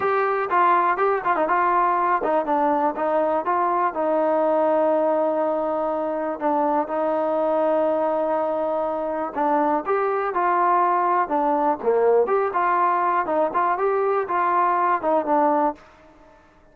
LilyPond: \new Staff \with { instrumentName = "trombone" } { \time 4/4 \tempo 4 = 122 g'4 f'4 g'8 f'16 dis'16 f'4~ | f'8 dis'8 d'4 dis'4 f'4 | dis'1~ | dis'4 d'4 dis'2~ |
dis'2. d'4 | g'4 f'2 d'4 | ais4 g'8 f'4. dis'8 f'8 | g'4 f'4. dis'8 d'4 | }